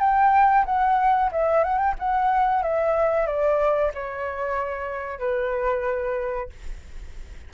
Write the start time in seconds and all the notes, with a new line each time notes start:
0.00 G5
0.66 F#5
1.32 E5
1.64 F#5
1.78 G5
1.99 F#5
2.63 E5
3.27 D5
3.94 C#5
5.19 B4